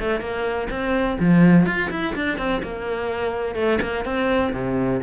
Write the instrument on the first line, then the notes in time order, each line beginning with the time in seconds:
cello
0.00 A3
0.21 A#3
0.71 C4
1.20 F3
1.66 F4
1.91 E4
2.16 D4
2.38 C4
2.63 A#3
3.56 A3
3.82 A#3
4.05 C4
4.53 C3